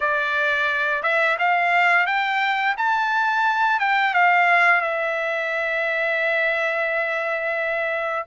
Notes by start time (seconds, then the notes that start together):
0.00 D5
1.03 E5
1.38 F5
2.06 G5
2.77 A5
3.79 G5
4.14 F5
4.81 E5